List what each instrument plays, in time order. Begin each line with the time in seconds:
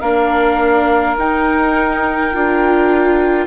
0.00 bassoon A#3, viola D4, oboe A#4, flute F5
1.17 bassoon D#4, viola D#4, flute G5
2.33 bassoon D4, viola F4